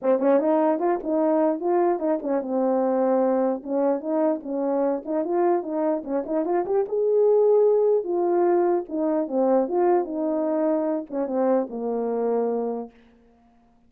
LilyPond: \new Staff \with { instrumentName = "horn" } { \time 4/4 \tempo 4 = 149 c'8 cis'8 dis'4 f'8 dis'4. | f'4 dis'8 cis'8 c'2~ | c'4 cis'4 dis'4 cis'4~ | cis'8 dis'8 f'4 dis'4 cis'8 dis'8 |
f'8 g'8 gis'2. | f'2 dis'4 c'4 | f'4 dis'2~ dis'8 cis'8 | c'4 ais2. | }